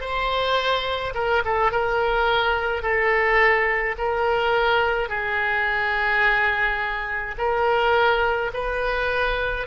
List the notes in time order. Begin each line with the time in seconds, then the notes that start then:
0.00 C5
1.14 A#4
1.45 A4
1.71 A#4
2.82 A4
3.98 A#4
5.08 G#4
7.38 A#4
8.53 B4